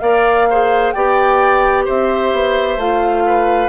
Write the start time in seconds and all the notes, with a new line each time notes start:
0.00 A#3 A#4 D5 F5
0.50 G#4 C5
0.92 B3 G4 D5 G5
1.85 C4 C5 E5
2.33 B3
2.77 A3 F4 F5
3.27 B4